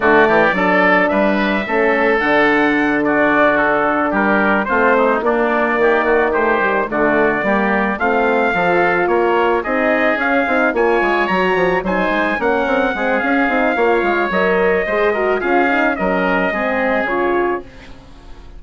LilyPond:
<<
  \new Staff \with { instrumentName = "trumpet" } { \time 4/4 \tempo 4 = 109 d''2 e''2 | fis''4. d''4 a'4 ais'8~ | ais'8 c''4 d''2 c''8~ | c''8 d''2 f''4.~ |
f''8 cis''4 dis''4 f''4 gis''8~ | gis''8 ais''4 gis''4 fis''4. | f''2 dis''2 | f''4 dis''2 cis''4 | }
  \new Staff \with { instrumentName = "oboe" } { \time 4/4 fis'8 g'8 a'4 b'4 a'4~ | a'4. fis'2 g'8~ | g'8 f'8 dis'8 d'4 g'8 fis'8 g'8~ | g'8 fis'4 g'4 f'4 a'8~ |
a'8 ais'4 gis'2 cis''8~ | cis''4. c''4 ais'4 gis'8~ | gis'4 cis''2 c''8 ais'8 | gis'4 ais'4 gis'2 | }
  \new Staff \with { instrumentName = "horn" } { \time 4/4 a4 d'2 cis'4 | d'1~ | d'8 c'4 ais2 a8 | g8 a4 ais4 c'4 f'8~ |
f'4. dis'4 cis'8 dis'8 f'8~ | f'8 fis'4 dis'4 cis'4 c'8 | cis'8 dis'8 f'4 ais'4 gis'8 fis'8 | f'8 dis'8 cis'4 c'4 f'4 | }
  \new Staff \with { instrumentName = "bassoon" } { \time 4/4 d8 e8 fis4 g4 a4 | d2.~ d8 g8~ | g8 a4 ais4 dis4.~ | dis8 d4 g4 a4 f8~ |
f8 ais4 c'4 cis'8 c'8 ais8 | gis8 fis8 f8 fis8 gis8 ais8 c'8 gis8 | cis'8 c'8 ais8 gis8 fis4 gis4 | cis'4 fis4 gis4 cis4 | }
>>